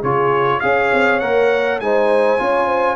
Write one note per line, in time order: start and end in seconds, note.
0.00 0.62 C#3
0.00 0.62 F4
0.00 0.59 G#4
0.00 0.60 C#5
0.60 0.92 C#4
0.60 1.21 G#4
0.60 1.83 C#5
0.60 1.19 F5
0.93 1.21 C4
1.20 1.80 A#3
1.20 1.81 A#4
1.20 1.79 F#5
1.80 2.39 G#3
1.80 2.38 D#4
1.80 2.42 C5
1.80 2.96 G#5
2.38 2.96 C#4
2.38 2.96 F4
2.38 2.66 C#5
2.66 2.96 C5